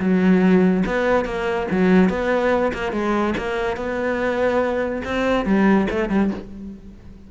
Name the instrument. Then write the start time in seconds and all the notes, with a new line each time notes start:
cello
0.00 F#3
0.86 B3
1.25 A#3
1.71 F#3
2.10 B3
2.74 A#3
2.92 G#3
3.38 A#3
3.77 B3
5.05 C4
5.46 G3
5.90 A3
6.10 G3